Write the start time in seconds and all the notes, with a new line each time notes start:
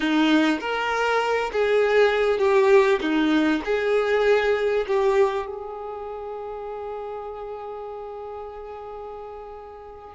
0.00 D#4
0.60 A#4
1.52 G#4
2.38 G4
3.01 D#4
3.64 G#4
4.87 G4
5.46 G#4